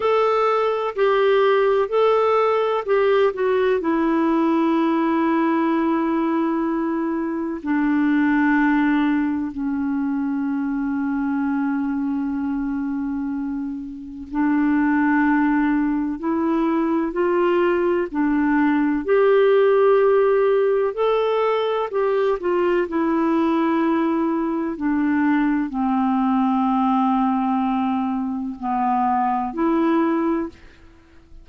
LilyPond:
\new Staff \with { instrumentName = "clarinet" } { \time 4/4 \tempo 4 = 63 a'4 g'4 a'4 g'8 fis'8 | e'1 | d'2 cis'2~ | cis'2. d'4~ |
d'4 e'4 f'4 d'4 | g'2 a'4 g'8 f'8 | e'2 d'4 c'4~ | c'2 b4 e'4 | }